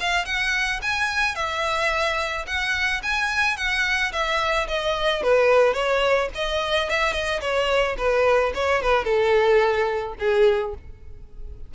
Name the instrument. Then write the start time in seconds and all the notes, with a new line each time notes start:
violin
0.00 F5
0.25 F#5
0.82 G#5
1.35 E5
2.46 F#5
3.03 G#5
3.57 F#5
4.12 E5
4.68 D#5
5.22 B4
5.73 C#5
6.35 D#5
6.89 E5
7.12 D#5
7.41 C#5
7.97 B4
8.54 C#5
8.82 B4
9.04 A4
10.19 G#4